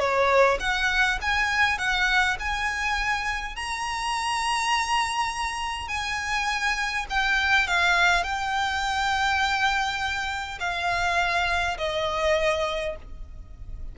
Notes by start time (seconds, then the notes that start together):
0.00 C#5
0.60 F#5
1.22 G#5
1.79 F#5
2.40 G#5
3.56 A#5
5.89 G#5
7.10 G5
7.68 F5
8.24 G5
10.60 F5
11.79 D#5